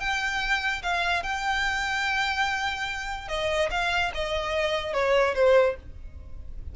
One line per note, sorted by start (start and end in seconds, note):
0.00 0.82 G5
0.83 1.23 F5
1.23 3.28 G5
3.28 3.69 D#5
3.71 4.12 F5
4.14 4.94 D#5
4.94 5.35 C#5
5.35 5.76 C5